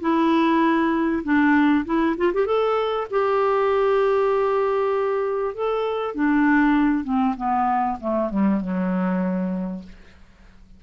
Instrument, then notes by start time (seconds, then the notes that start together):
clarinet
0.00 E4
1.23 D4
1.85 E4
2.17 F4
2.33 G4
2.46 A4
3.10 G4
5.54 A4
6.14 D4
7.04 C4
7.36 B3
8.00 A3
8.30 G3
8.60 F#3